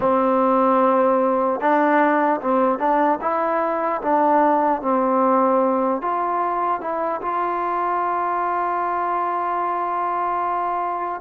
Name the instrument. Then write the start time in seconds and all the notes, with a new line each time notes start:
trombone
0.00 C4
1.60 D4
2.41 C4
2.78 D4
3.21 E4
4.01 D4
4.81 C4
6.01 F4
6.80 E4
7.21 F4